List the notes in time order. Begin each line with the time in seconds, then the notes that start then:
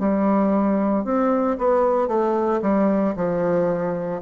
0.00 G3
1.05 C4
1.59 B3
2.08 A3
2.62 G3
3.16 F3